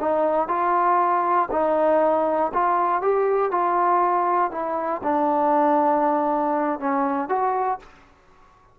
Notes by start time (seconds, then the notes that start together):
0.00 D#4
0.48 F4
1.51 D#4
2.53 F4
3.02 G4
3.51 F4
4.51 E4
5.03 D4
6.79 C#4
7.29 F#4